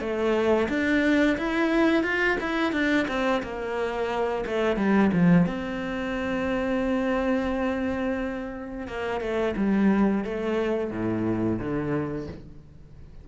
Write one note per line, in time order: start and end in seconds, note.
0.00 0.68 A3
0.69 1.37 D4
1.38 2.03 E4
2.03 2.37 F4
2.40 2.72 E4
2.72 3.07 D4
3.08 3.42 C4
3.43 4.45 A#3
4.46 4.76 A3
4.76 5.10 G3
5.13 5.46 F3
5.46 8.87 C4
8.87 9.21 A#3
9.21 9.55 A3
9.56 10.25 G3
10.25 10.91 A3
10.91 11.59 A2
11.59 12.28 D3